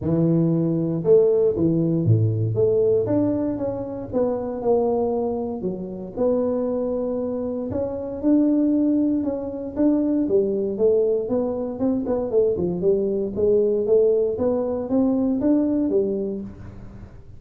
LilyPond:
\new Staff \with { instrumentName = "tuba" } { \time 4/4 \tempo 4 = 117 e2 a4 e4 | a,4 a4 d'4 cis'4 | b4 ais2 fis4 | b2. cis'4 |
d'2 cis'4 d'4 | g4 a4 b4 c'8 b8 | a8 f8 g4 gis4 a4 | b4 c'4 d'4 g4 | }